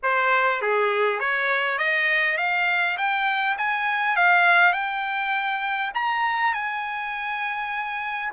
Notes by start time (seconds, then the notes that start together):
0.02 C5
0.61 G#4
1.19 C#5
1.78 D#5
2.37 F5
2.97 G5
3.58 G#5
4.16 F5
4.73 G5
5.94 A#5
6.53 G#5